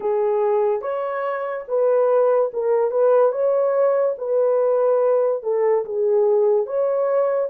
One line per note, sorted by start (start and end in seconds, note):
0.00 0.81 G#4
0.81 1.64 C#5
1.67 2.51 B4
2.53 2.91 A#4
2.91 3.31 B4
3.31 4.15 C#5
4.17 5.42 B4
5.42 5.84 A4
5.85 6.66 G#4
6.66 7.49 C#5